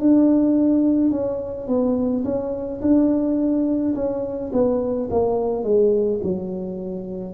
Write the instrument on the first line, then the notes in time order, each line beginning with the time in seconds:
tuba
0.00 D4
1.11 C#4
1.67 B3
2.24 C#4
2.81 D4
3.95 C#4
4.52 B3
5.10 A#3
5.63 G#3
6.23 F#3